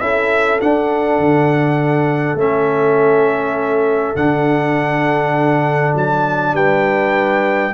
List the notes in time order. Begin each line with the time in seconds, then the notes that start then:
0.00 C#4 E4 A4 E5
0.60 D4 F#5
1.19 D3
2.35 A3 C#4 E5
4.16 D3 D4 F#5
5.95 F#3 A5
6.53 G3 B4 G5